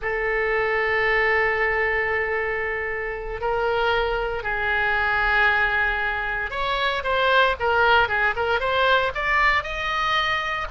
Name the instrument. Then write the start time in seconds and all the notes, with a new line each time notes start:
oboe
0.01 A4
3.41 A#4
4.43 G#4
6.50 C#5
7.03 C5
7.59 A#4
8.08 G#4
8.36 A#4
8.59 C5
9.14 D5
9.63 D#5